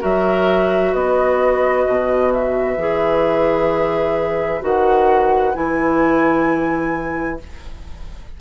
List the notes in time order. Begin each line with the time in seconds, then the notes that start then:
0.00 F#3 F#4 A#4 E5
0.92 B3 B4 D#5
1.88 B2
2.33 E5
2.77 E3 G#4
4.62 D#3 F#4 F#5
5.55 E3 E4 G#5